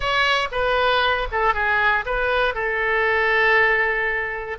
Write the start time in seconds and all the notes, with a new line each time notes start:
0.00 C#5
0.51 B4
1.31 A4
1.53 G#4
2.05 B4
2.54 A4